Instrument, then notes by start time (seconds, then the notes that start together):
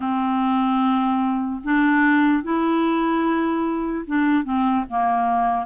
clarinet
0.00 C4
1.64 D4
2.43 E4
4.07 D4
4.44 C4
4.89 A#3